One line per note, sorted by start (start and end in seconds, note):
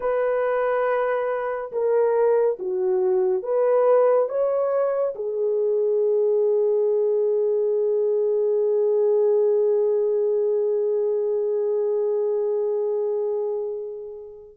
0.00 1.71 B4
1.72 2.58 A#4
2.59 3.42 F#4
3.42 4.28 B4
4.29 5.14 C#5
5.15 14.56 G#4